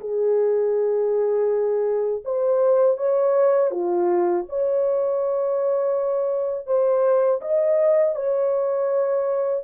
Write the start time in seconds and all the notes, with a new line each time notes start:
0.00 G#4
2.24 C5
2.97 C#5
3.71 F4
4.48 C#5
6.66 C5
7.41 D#5
8.15 C#5